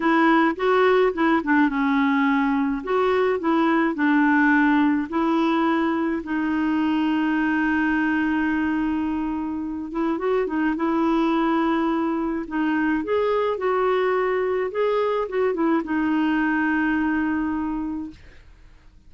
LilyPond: \new Staff \with { instrumentName = "clarinet" } { \time 4/4 \tempo 4 = 106 e'4 fis'4 e'8 d'8 cis'4~ | cis'4 fis'4 e'4 d'4~ | d'4 e'2 dis'4~ | dis'1~ |
dis'4. e'8 fis'8 dis'8 e'4~ | e'2 dis'4 gis'4 | fis'2 gis'4 fis'8 e'8 | dis'1 | }